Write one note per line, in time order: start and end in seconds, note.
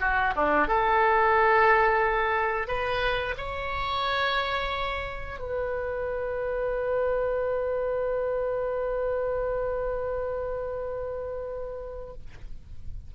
0.00 0.34 F#4
0.36 0.67 D4
0.67 2.67 A4
2.67 3.35 B4
3.37 5.39 C#5
5.39 12.13 B4